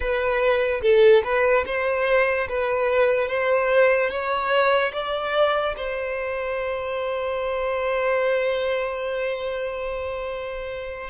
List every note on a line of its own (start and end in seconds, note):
0.00 0.81 B4
0.82 1.23 A4
1.23 1.64 B4
1.66 2.48 C5
2.48 3.28 B4
3.28 4.09 C5
4.09 4.92 C#5
4.92 5.75 D5
5.76 11.10 C5